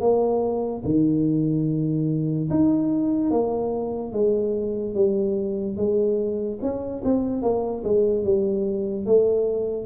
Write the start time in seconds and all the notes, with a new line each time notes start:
0.00 A#3
0.84 D#3
2.50 D#4
3.30 A#3
4.12 G#3
4.94 G3
5.76 G#3
6.61 C#4
7.04 C4
7.42 A#3
7.83 G#3
8.24 G3
9.06 A3